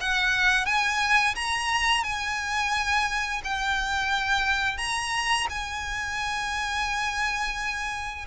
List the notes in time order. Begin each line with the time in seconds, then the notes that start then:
0.00 F#5
0.66 G#5
1.35 A#5
2.03 G#5
3.44 G5
4.77 A#5
5.50 G#5